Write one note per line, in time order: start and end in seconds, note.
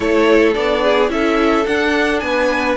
0.00 0.55 A3
0.00 0.54 E4
0.00 0.83 A4
0.00 0.53 C#5
0.54 1.09 B3
0.54 1.08 D4
0.54 1.09 D5
0.83 1.10 G#4
1.08 1.64 C#4
1.08 1.63 E4
1.08 2.23 A4
1.08 1.66 E5
1.66 2.76 D4
1.66 2.22 D4
1.66 2.19 F#5
2.19 2.76 B3
2.19 2.76 B4
2.19 2.75 G#5